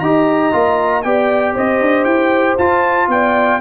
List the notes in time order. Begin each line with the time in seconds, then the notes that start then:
0.00 D#4 G4 D#5 A#5
0.52 A#3 F4
1.03 B3 G4 D5 G5
1.54 C4 C5 D#5
1.81 D4
2.05 E4 G5
2.58 F4 A5
3.08 B3 D5 G5